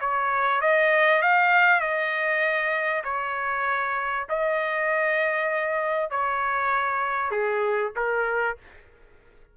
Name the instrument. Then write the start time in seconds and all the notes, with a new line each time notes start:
trumpet
0.00 C#5
0.61 D#5
1.22 F5
1.80 D#5
3.04 C#5
4.29 D#5
6.10 C#5
7.31 G#4
7.95 A#4